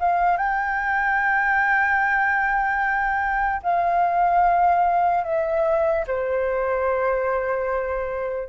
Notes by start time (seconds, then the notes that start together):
0.00 F5
0.38 G5
3.63 F5
5.24 E5
6.07 C5